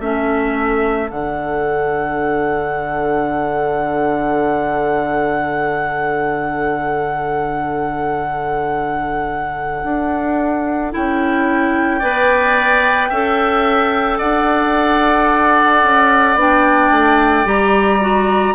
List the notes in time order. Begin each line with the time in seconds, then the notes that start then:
0.00 A3 C#4 A4 E5
1.10 D3 D4 F#5
9.84 D4
10.91 C#4 E4 G5
11.99 B3 B4 D5
13.09 C#4 A4 E5
14.18 D4 D5 F#5
15.83 C#4
16.35 B3 D4 G5
16.91 A3
17.45 G3 G4 A#5
18.01 F#4